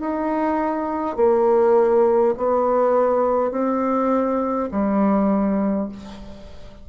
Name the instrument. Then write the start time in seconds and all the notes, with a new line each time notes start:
bassoon
0.00 D#4
1.17 A#3
2.37 B3
3.51 C4
4.72 G3